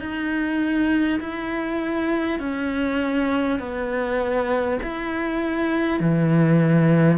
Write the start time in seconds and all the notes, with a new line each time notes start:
0.00 D#4
1.21 E4
2.39 C#4
3.59 B3
4.83 E4
5.99 E3